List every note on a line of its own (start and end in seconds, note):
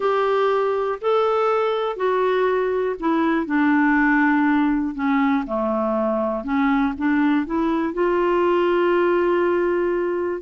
0.00 0.99 G4
1.01 1.96 A4
1.96 2.95 F#4
2.99 3.46 E4
3.46 4.95 D4
4.95 5.44 C#4
5.46 6.44 A3
6.44 6.93 C#4
6.97 7.46 D4
7.46 7.93 E4
7.93 10.41 F4